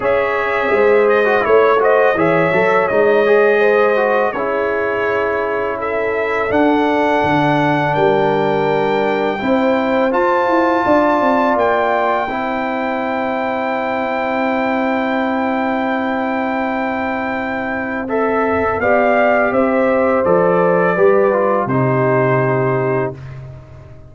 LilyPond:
<<
  \new Staff \with { instrumentName = "trumpet" } { \time 4/4 \tempo 4 = 83 e''4. dis''8 cis''8 dis''8 e''4 | dis''2 cis''2 | e''4 fis''2 g''4~ | g''2 a''2 |
g''1~ | g''1~ | g''4 e''4 f''4 e''4 | d''2 c''2 | }
  \new Staff \with { instrumentName = "horn" } { \time 4/4 cis''4 c''4 cis''8 c''8 cis''4~ | cis''4 c''4 gis'2 | a'2. ais'4~ | ais'4 c''2 d''4~ |
d''4 c''2.~ | c''1~ | c''2 d''4 c''4~ | c''4 b'4 g'2 | }
  \new Staff \with { instrumentName = "trombone" } { \time 4/4 gis'4.~ gis'16 fis'16 e'8 fis'8 gis'8 a'8 | dis'8 gis'4 fis'8 e'2~ | e'4 d'2.~ | d'4 e'4 f'2~ |
f'4 e'2.~ | e'1~ | e'4 a'4 g'2 | a'4 g'8 f'8 dis'2 | }
  \new Staff \with { instrumentName = "tuba" } { \time 4/4 cis'4 gis4 a4 e8 fis8 | gis2 cis'2~ | cis'4 d'4 d4 g4~ | g4 c'4 f'8 e'8 d'8 c'8 |
ais4 c'2.~ | c'1~ | c'2 b4 c'4 | f4 g4 c2 | }
>>